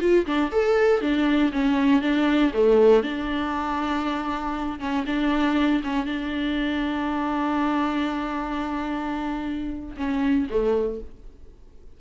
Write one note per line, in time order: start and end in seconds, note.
0.00 0.25 F4
0.26 0.51 D4
0.51 1.01 A4
1.01 1.51 D4
1.52 2.01 C#4
2.01 2.52 D4
2.53 3.02 A3
3.02 4.79 D4
4.79 5.05 C#4
5.06 5.82 D4
5.83 6.05 C#4
6.05 9.96 D4
9.96 10.47 C#4
10.50 11.00 A3